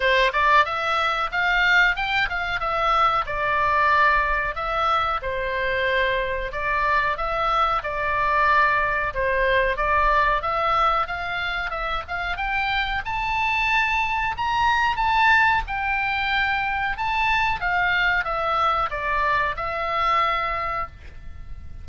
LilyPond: \new Staff \with { instrumentName = "oboe" } { \time 4/4 \tempo 4 = 92 c''8 d''8 e''4 f''4 g''8 f''8 | e''4 d''2 e''4 | c''2 d''4 e''4 | d''2 c''4 d''4 |
e''4 f''4 e''8 f''8 g''4 | a''2 ais''4 a''4 | g''2 a''4 f''4 | e''4 d''4 e''2 | }